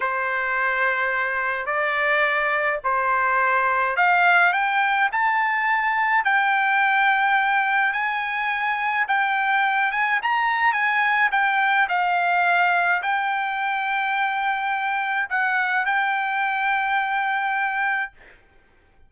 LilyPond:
\new Staff \with { instrumentName = "trumpet" } { \time 4/4 \tempo 4 = 106 c''2. d''4~ | d''4 c''2 f''4 | g''4 a''2 g''4~ | g''2 gis''2 |
g''4. gis''8 ais''4 gis''4 | g''4 f''2 g''4~ | g''2. fis''4 | g''1 | }